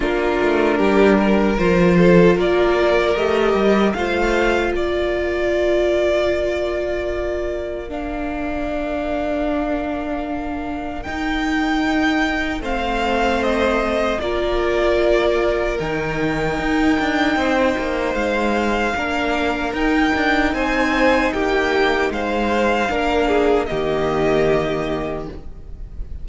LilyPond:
<<
  \new Staff \with { instrumentName = "violin" } { \time 4/4 \tempo 4 = 76 ais'2 c''4 d''4 | dis''4 f''4 d''2~ | d''2 f''2~ | f''2 g''2 |
f''4 dis''4 d''2 | g''2. f''4~ | f''4 g''4 gis''4 g''4 | f''2 dis''2 | }
  \new Staff \with { instrumentName = "violin" } { \time 4/4 f'4 g'8 ais'4 a'8 ais'4~ | ais'4 c''4 ais'2~ | ais'1~ | ais'1 |
c''2 ais'2~ | ais'2 c''2 | ais'2 c''4 g'4 | c''4 ais'8 gis'8 g'2 | }
  \new Staff \with { instrumentName = "viola" } { \time 4/4 d'2 f'2 | g'4 f'2.~ | f'2 d'2~ | d'2 dis'2 |
c'2 f'2 | dis'1 | d'4 dis'2.~ | dis'4 d'4 ais2 | }
  \new Staff \with { instrumentName = "cello" } { \time 4/4 ais8 a8 g4 f4 ais4 | a8 g8 a4 ais2~ | ais1~ | ais2 dis'2 |
a2 ais2 | dis4 dis'8 d'8 c'8 ais8 gis4 | ais4 dis'8 d'8 c'4 ais4 | gis4 ais4 dis2 | }
>>